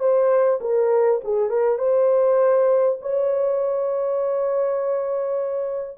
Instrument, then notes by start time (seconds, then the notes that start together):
horn
0.00 C5
0.61 A#4
1.24 G#4
1.50 A#4
1.79 C5
3.01 C#5